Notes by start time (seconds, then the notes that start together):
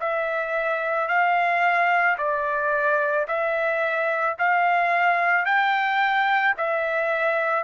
0.00 E5
1.08 F5
2.18 D5
3.27 E5
4.39 F5
5.45 G5
6.58 E5